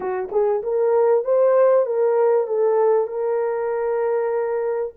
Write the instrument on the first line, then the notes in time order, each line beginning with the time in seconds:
horn
0.00 F#4
0.31 G#4
0.62 A#4
1.24 C5
1.86 A#4
2.47 A4
3.07 A#4